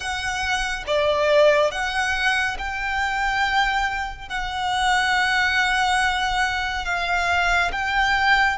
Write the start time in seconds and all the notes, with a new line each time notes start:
0.00 F#5
0.86 D5
1.71 F#5
2.58 G5
4.29 F#5
6.85 F5
7.72 G5